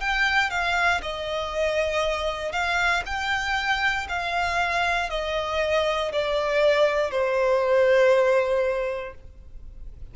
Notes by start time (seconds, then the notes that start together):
0.00 G5
0.50 F5
1.02 D#5
2.52 F5
3.05 G5
4.08 F5
5.09 D#5
6.12 D5
7.10 C5